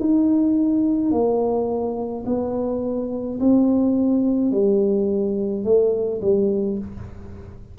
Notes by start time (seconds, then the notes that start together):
0.00 D#4
1.12 A#3
2.26 B3
3.40 C4
4.52 G3
5.64 A3
6.22 G3